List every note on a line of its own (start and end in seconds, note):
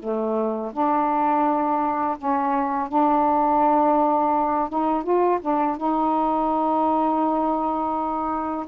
0.00 0.72 A3
0.73 2.17 D4
2.18 2.89 C#4
2.89 4.70 D4
4.70 5.04 D#4
5.04 5.40 F4
5.42 5.77 D4
5.77 8.66 D#4